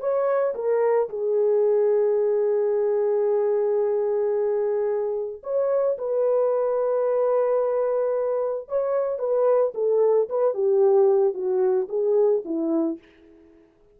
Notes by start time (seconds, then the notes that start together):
0.00 C#5
0.55 A#4
1.09 G#4
5.43 C#5
5.98 B4
8.68 C#5
9.19 B4
9.74 A4
10.29 B4
10.54 G4
11.34 F#4
11.88 G#4
12.45 E4